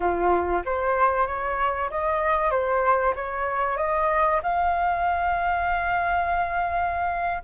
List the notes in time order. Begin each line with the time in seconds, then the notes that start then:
0.00 F4
0.65 C5
1.26 C#5
1.90 D#5
2.50 C5
3.15 C#5
3.77 D#5
4.42 F5